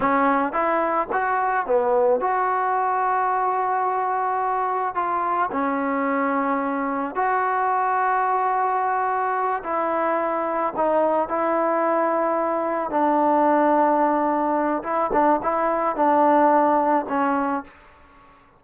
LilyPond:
\new Staff \with { instrumentName = "trombone" } { \time 4/4 \tempo 4 = 109 cis'4 e'4 fis'4 b4 | fis'1~ | fis'4 f'4 cis'2~ | cis'4 fis'2.~ |
fis'4. e'2 dis'8~ | dis'8 e'2. d'8~ | d'2. e'8 d'8 | e'4 d'2 cis'4 | }